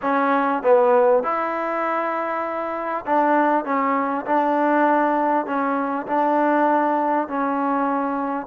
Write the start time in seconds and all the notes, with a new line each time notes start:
0.02 C#4
0.63 B3
1.23 E4
3.06 D4
3.64 C#4
4.25 D4
5.45 C#4
6.06 D4
7.28 C#4